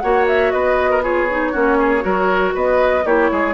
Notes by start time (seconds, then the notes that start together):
0.00 A#3 F#4 C#5 F#5
0.28 E5
0.52 B3 B4 D#5
0.91 A#4
1.03 F4 G#4 C#5
1.31 D#4
1.52 A#3 C#4 F#4
1.79 G#4
2.01 F#3 F#4 A#4
2.55 B3 B4 D#5
3.05 A#3 E4 G4 C#5
3.32 G#3 G#4